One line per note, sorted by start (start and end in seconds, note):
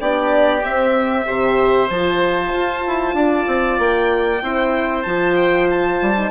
0.00 0.63 B3
0.00 0.62 D4
0.00 1.26 G4
0.00 0.64 D5
0.62 1.25 C4
0.62 1.26 C4
0.62 1.90 E5
1.26 1.89 C3
1.26 1.89 G4
1.26 3.16 C5
1.89 2.52 F3
1.89 4.42 F4
1.89 3.79 A5
2.54 2.85 F4
2.87 3.14 E4
3.14 3.46 D4
3.14 4.43 D5
3.47 3.79 C4
3.79 4.42 A#3
3.79 5.03 G5
4.42 5.05 C4
4.42 5.05 E4
4.42 6.31 C5
5.03 6.01 F3
5.03 6.16 F4
5.03 5.34 A5
5.36 5.67 G5
5.70 6.31 A5
6.02 6.31 G3
6.16 6.31 D#4